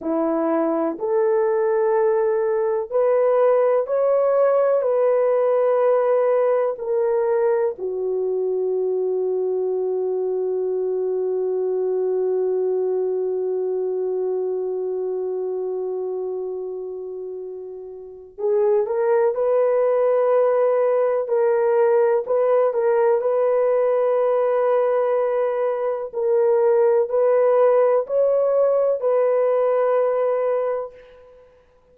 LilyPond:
\new Staff \with { instrumentName = "horn" } { \time 4/4 \tempo 4 = 62 e'4 a'2 b'4 | cis''4 b'2 ais'4 | fis'1~ | fis'1~ |
fis'2. gis'8 ais'8 | b'2 ais'4 b'8 ais'8 | b'2. ais'4 | b'4 cis''4 b'2 | }